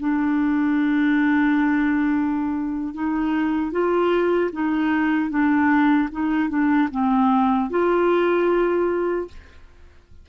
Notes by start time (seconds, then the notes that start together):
0.00 D4
2.94 D#4
3.72 F4
4.53 D#4
5.30 D4
6.12 D#4
6.49 D4
6.91 C4
7.70 F4